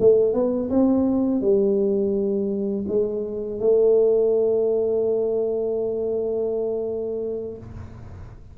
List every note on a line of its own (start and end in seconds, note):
0.00 0.34 A3
0.34 0.70 B3
0.70 1.41 C4
1.41 2.86 G3
2.88 3.60 G#3
3.60 7.58 A3